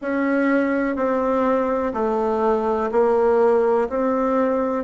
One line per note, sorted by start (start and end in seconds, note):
0.01 0.96 C#4
0.96 1.93 C4
1.94 2.90 A3
2.91 3.88 A#3
3.89 4.84 C4